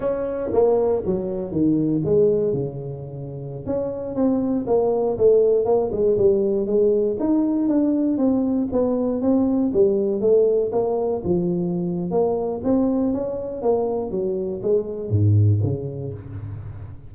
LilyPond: \new Staff \with { instrumentName = "tuba" } { \time 4/4 \tempo 4 = 119 cis'4 ais4 fis4 dis4 | gis4 cis2~ cis16 cis'8.~ | cis'16 c'4 ais4 a4 ais8 gis16~ | gis16 g4 gis4 dis'4 d'8.~ |
d'16 c'4 b4 c'4 g8.~ | g16 a4 ais4 f4.~ f16 | ais4 c'4 cis'4 ais4 | fis4 gis4 gis,4 cis4 | }